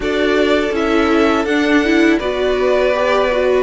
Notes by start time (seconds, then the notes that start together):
0.00 D4 F#4 A4 D5
0.71 C#4 E4 E5
1.45 D4 F#5
1.84 E4
2.19 B3 F#4 B4 D5
2.93 G4
3.31 F#4